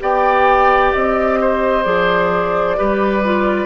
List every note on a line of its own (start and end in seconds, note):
0.00 0.93 B3
0.00 1.84 G4
0.00 1.40 D5
0.00 0.93 G5
0.93 1.86 C4
0.93 1.84 D#5
1.40 2.77 C5
1.84 2.78 F3
1.84 2.76 G#4
1.84 3.66 D5
2.77 3.66 G3
2.77 3.23 G4
2.77 3.66 B4
3.25 3.66 F4